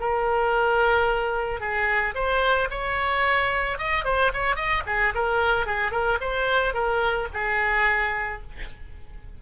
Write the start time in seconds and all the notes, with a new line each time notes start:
0.00 A#4
1.60 G#4
2.15 C5
2.71 C#5
3.78 D#5
4.05 C5
4.33 C#5
4.56 D#5
4.86 G#4
5.15 A#4
5.67 G#4
5.91 A#4
6.21 C5
6.74 A#4
7.34 G#4